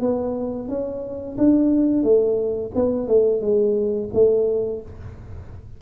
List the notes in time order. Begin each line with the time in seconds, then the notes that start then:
0.00 B3
0.68 C#4
1.37 D4
2.03 A3
2.75 B3
3.07 A3
3.41 G#3
4.13 A3